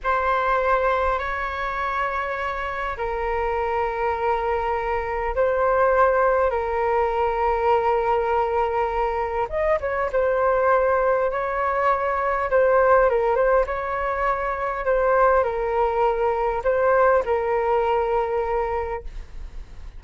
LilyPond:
\new Staff \with { instrumentName = "flute" } { \time 4/4 \tempo 4 = 101 c''2 cis''2~ | cis''4 ais'2.~ | ais'4 c''2 ais'4~ | ais'1 |
dis''8 cis''8 c''2 cis''4~ | cis''4 c''4 ais'8 c''8 cis''4~ | cis''4 c''4 ais'2 | c''4 ais'2. | }